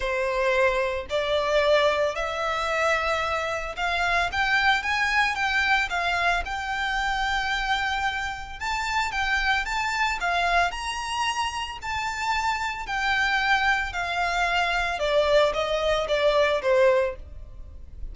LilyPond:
\new Staff \with { instrumentName = "violin" } { \time 4/4 \tempo 4 = 112 c''2 d''2 | e''2. f''4 | g''4 gis''4 g''4 f''4 | g''1 |
a''4 g''4 a''4 f''4 | ais''2 a''2 | g''2 f''2 | d''4 dis''4 d''4 c''4 | }